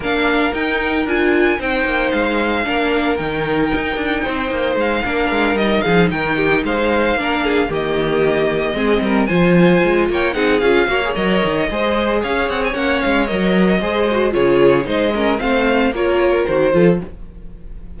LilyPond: <<
  \new Staff \with { instrumentName = "violin" } { \time 4/4 \tempo 4 = 113 f''4 g''4 gis''4 g''4 | f''2 g''2~ | g''4 f''4. dis''8 f''8 g''8~ | g''8 f''2 dis''4.~ |
dis''4. gis''4. g''8 fis''8 | f''4 dis''2 f''8 fis''16 gis''16 | fis''8 f''8 dis''2 cis''4 | dis''4 f''4 cis''4 c''4 | }
  \new Staff \with { instrumentName = "violin" } { \time 4/4 ais'2. c''4~ | c''4 ais'2. | c''4. ais'4. gis'8 ais'8 | g'8 c''4 ais'8 gis'8 g'4.~ |
g'8 gis'8 ais'8 c''4. cis''8 gis'8~ | gis'8 cis''4. c''4 cis''4~ | cis''2 c''4 gis'4 | c''8 ais'8 c''4 ais'4. a'8 | }
  \new Staff \with { instrumentName = "viola" } { \time 4/4 d'4 dis'4 f'4 dis'4~ | dis'4 d'4 dis'2~ | dis'4. d'4 dis'4.~ | dis'4. d'4 ais4.~ |
ais8 c'4 f'2 dis'8 | f'8 fis'16 gis'16 ais'4 gis'2 | cis'4 ais'4 gis'8 fis'8 f'4 | dis'8 cis'8 c'4 f'4 fis'8 f'8 | }
  \new Staff \with { instrumentName = "cello" } { \time 4/4 ais4 dis'4 d'4 c'8 ais8 | gis4 ais4 dis4 dis'8 d'8 | c'8 ais8 gis8 ais8 gis8 g8 f8 dis8~ | dis8 gis4 ais4 dis4.~ |
dis8 gis8 g8 f4 gis8 ais8 c'8 | cis'8 ais8 fis8 dis8 gis4 cis'8 c'8 | ais8 gis8 fis4 gis4 cis4 | gis4 a4 ais4 dis8 f8 | }
>>